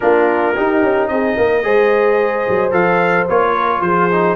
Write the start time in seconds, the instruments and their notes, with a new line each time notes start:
0.00 tuba A#3, trombone D4, horn F4, trumpet A#4
0.54 trombone D#4, tuba D#4, horn G4
0.82 tuba C#4
1.07 tuba C4, horn G#4, trumpet D#5
1.36 tuba A#3, horn A#4
1.62 tuba G#3, trombone G#4, horn C5
2.48 tuba F#3
2.71 tuba F3, trombone A4, trumpet F5
3.28 tuba A#3, trombone F4, trumpet C#5
3.53 horn A#4
3.81 tuba F3, horn G#4, trumpet C5
4.11 trombone D#4